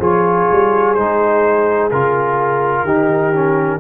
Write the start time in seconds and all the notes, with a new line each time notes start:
0.00 F3 F4 G#4 C#5
0.52 G3
0.95 G#3 D#4 C5
1.91 C#3 F4 A#4
2.84 D#3 D#4 G4
3.34 C#4